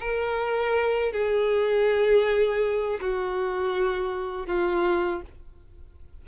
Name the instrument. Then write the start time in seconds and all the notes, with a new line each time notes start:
violin
0.00 A#4
1.12 G#4
3.00 F#4
4.46 F4